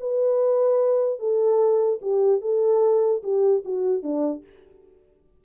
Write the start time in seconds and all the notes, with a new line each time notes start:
0.00 B4
1.19 A4
2.02 G4
2.41 A4
3.23 G4
3.65 F#4
4.03 D4